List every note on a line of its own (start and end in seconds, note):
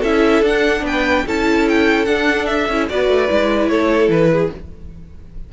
0.00 0.42 C#4
0.00 0.45 E4
0.00 0.82 A4
0.00 0.45 E5
0.42 0.83 D4
0.42 1.27 D4
0.42 0.86 F#5
0.83 1.23 B3
0.83 1.26 B4
0.83 1.28 G5
1.26 2.08 C#4
1.26 2.07 E4
1.26 2.90 A4
1.26 1.69 A5
1.69 2.06 G5
2.06 2.69 D4
2.06 2.46 F#5
2.46 2.87 E5
2.69 2.89 C#4
2.69 2.90 E4
2.90 3.09 B3
2.90 3.29 F#4
2.90 3.71 B4
2.90 3.68 D5
3.09 3.29 A3
3.29 3.71 G#3
3.29 4.52 E4
3.68 4.09 A3
3.68 4.32 A4
3.68 4.09 C#5
4.09 4.49 E3
4.09 4.52 B4
4.33 4.53 G#4